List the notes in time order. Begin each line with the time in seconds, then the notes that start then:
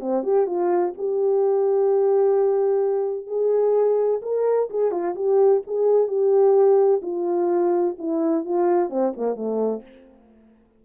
0.00 C4
0.23 G4
0.46 F4
0.97 G4
3.27 G#4
4.22 A#4
4.70 G#4
4.91 F4
5.15 G4
5.67 G#4
6.07 G4
7.02 F4
7.99 E4
8.45 F4
8.90 C4
9.17 A#3
9.36 A3